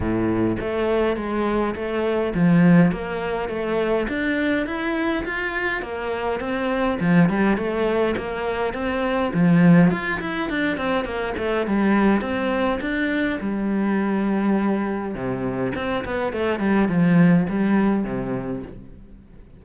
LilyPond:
\new Staff \with { instrumentName = "cello" } { \time 4/4 \tempo 4 = 103 a,4 a4 gis4 a4 | f4 ais4 a4 d'4 | e'4 f'4 ais4 c'4 | f8 g8 a4 ais4 c'4 |
f4 f'8 e'8 d'8 c'8 ais8 a8 | g4 c'4 d'4 g4~ | g2 c4 c'8 b8 | a8 g8 f4 g4 c4 | }